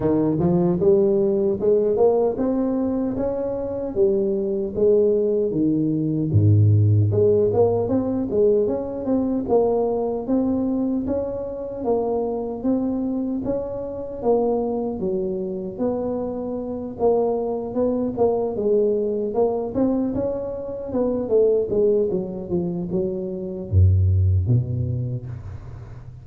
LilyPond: \new Staff \with { instrumentName = "tuba" } { \time 4/4 \tempo 4 = 76 dis8 f8 g4 gis8 ais8 c'4 | cis'4 g4 gis4 dis4 | gis,4 gis8 ais8 c'8 gis8 cis'8 c'8 | ais4 c'4 cis'4 ais4 |
c'4 cis'4 ais4 fis4 | b4. ais4 b8 ais8 gis8~ | gis8 ais8 c'8 cis'4 b8 a8 gis8 | fis8 f8 fis4 fis,4 b,4 | }